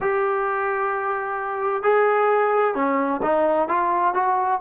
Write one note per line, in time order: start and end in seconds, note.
0.00 1.83 G4
1.83 2.74 G#4
2.74 3.21 C#4
3.22 3.68 D#4
3.68 4.14 F4
4.14 4.60 F#4